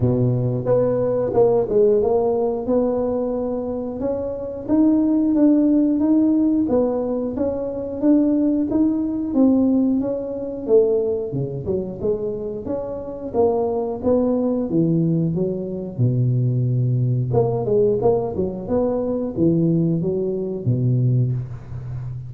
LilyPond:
\new Staff \with { instrumentName = "tuba" } { \time 4/4 \tempo 4 = 90 b,4 b4 ais8 gis8 ais4 | b2 cis'4 dis'4 | d'4 dis'4 b4 cis'4 | d'4 dis'4 c'4 cis'4 |
a4 cis8 fis8 gis4 cis'4 | ais4 b4 e4 fis4 | b,2 ais8 gis8 ais8 fis8 | b4 e4 fis4 b,4 | }